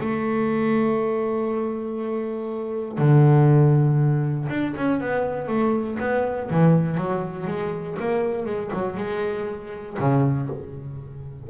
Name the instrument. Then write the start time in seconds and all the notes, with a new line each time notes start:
double bass
0.00 A3
2.98 D3
4.49 D4
4.77 C#4
5.00 B3
5.48 A3
6.00 B3
6.50 E3
6.97 F#3
7.47 G#3
7.99 A#3
8.46 G#3
8.73 F#3
8.97 G#3
9.99 C#3